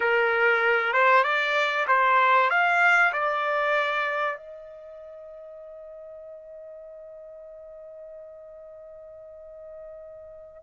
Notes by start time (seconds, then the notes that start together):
0.00 A#4
0.93 C5
1.23 D5
1.88 C5
2.50 F5
3.12 D5
4.37 D#5